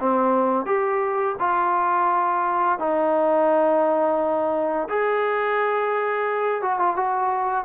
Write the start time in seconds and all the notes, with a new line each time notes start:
0.00 C4
0.66 G4
1.40 F4
2.79 D#4
4.89 G#4
6.62 F#4
6.79 F4
6.96 F#4